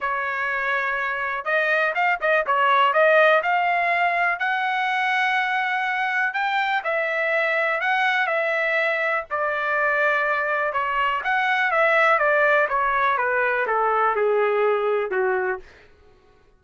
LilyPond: \new Staff \with { instrumentName = "trumpet" } { \time 4/4 \tempo 4 = 123 cis''2. dis''4 | f''8 dis''8 cis''4 dis''4 f''4~ | f''4 fis''2.~ | fis''4 g''4 e''2 |
fis''4 e''2 d''4~ | d''2 cis''4 fis''4 | e''4 d''4 cis''4 b'4 | a'4 gis'2 fis'4 | }